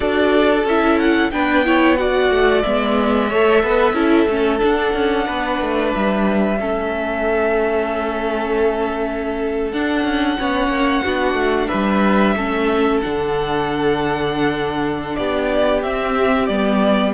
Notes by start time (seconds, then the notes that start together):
0.00 D4 F#4 A4 D5
0.65 C#4 E4 E5
0.99 F#5
1.30 B3 D4 B4 G5
1.65 E4 C#5
1.97 F#4 D5 F#5
2.30 A3
2.62 G#3 B3 E5
3.29 A3 A4 C#5
3.63 B3 B4
3.93 C#4 E4 A4
4.28 A3 C#4
4.59 D4
4.65 F#5
4.93 C#4
5.26 B3 B4
5.60 A3
5.94 G3 E5
6.59 A3 C#4 A4
9.72 D4 F#5
10.03 C#4
10.38 B3 C#4 C#5
10.67 A#3
11.03 B3 D4 F#4
11.33 A3
11.68 G3 B4 E5
12.35 A3 C#4 A4
13.01 D3 D4 F#5
15.15 B3 G4 D5
15.82 C4 E5
16.46 G3 B3 D5